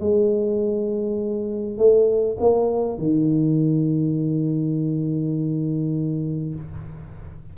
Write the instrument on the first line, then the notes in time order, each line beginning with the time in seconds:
tuba
0.00 G#3
1.78 A3
2.40 A#3
2.99 D#3